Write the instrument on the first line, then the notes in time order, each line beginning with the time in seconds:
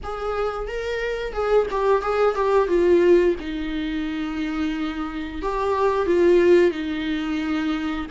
viola
0.03 G#4
0.67 A#4
1.32 G#4
1.70 G4
2.02 G#4
2.35 G4
2.68 F4
3.40 D#4
5.42 G4
6.06 F4
6.71 D#4